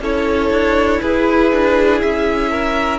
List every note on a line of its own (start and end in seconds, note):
0.00 0.50 C#4
0.00 2.98 E4
0.00 1.01 A4
0.00 1.01 C#5
0.50 1.00 D4
1.01 1.52 E4
1.01 2.50 G#4
1.01 2.01 B4
1.52 2.02 D4
2.01 2.98 C#4
2.01 2.98 E5
2.50 2.98 A#4